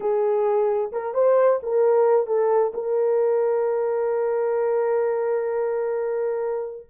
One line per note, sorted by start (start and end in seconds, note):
0.00 0.91 G#4
0.92 1.14 A#4
1.14 1.59 C5
1.62 2.26 A#4
2.26 2.72 A4
2.74 6.86 A#4